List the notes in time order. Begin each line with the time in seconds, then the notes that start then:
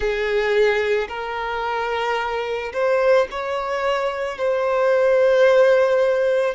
0.00 G#4
1.08 A#4
2.73 C5
3.30 C#5
4.37 C5